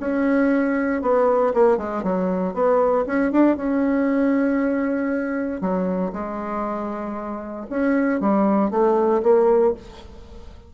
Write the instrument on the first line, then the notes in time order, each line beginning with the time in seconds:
bassoon
0.00 C#4
1.02 B3
1.54 A#3
1.78 G#3
2.03 F#3
2.54 B3
3.06 C#4
3.32 D4
3.57 C#4
5.61 F#3
6.13 G#3
7.70 C#4
8.20 G3
8.71 A3
9.23 A#3